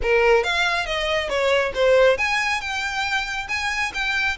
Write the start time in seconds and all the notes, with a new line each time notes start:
0.02 A#4
0.43 F5
0.85 D#5
1.29 C#5
1.74 C5
2.17 G#5
2.60 G5
3.48 G#5
3.93 G5